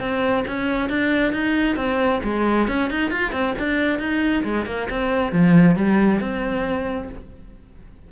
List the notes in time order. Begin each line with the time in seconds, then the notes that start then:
0.00 C4
0.47 C#4
0.89 D4
1.33 D#4
1.76 C4
2.23 G#3
2.68 C#4
2.90 D#4
3.11 F4
3.32 C4
3.59 D4
3.99 D#4
4.44 G#3
4.66 A#3
4.90 C4
5.33 F3
5.76 G3
6.20 C4